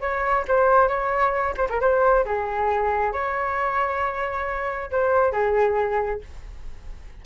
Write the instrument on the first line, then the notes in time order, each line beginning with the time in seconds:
flute
0.00 C#5
0.47 C5
0.88 C#5
1.57 C5
1.69 A#4
1.80 C5
2.25 G#4
3.12 C#5
4.91 C5
5.32 G#4